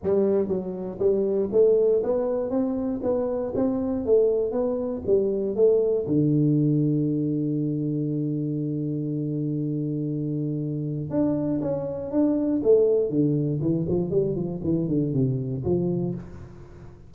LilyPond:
\new Staff \with { instrumentName = "tuba" } { \time 4/4 \tempo 4 = 119 g4 fis4 g4 a4 | b4 c'4 b4 c'4 | a4 b4 g4 a4 | d1~ |
d1~ | d2 d'4 cis'4 | d'4 a4 d4 e8 f8 | g8 f8 e8 d8 c4 f4 | }